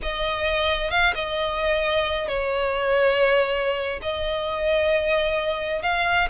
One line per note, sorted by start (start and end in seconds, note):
0.02 0.90 D#5
0.90 1.13 F5
1.15 2.28 D#5
2.28 4.00 C#5
4.01 5.82 D#5
5.82 6.28 F5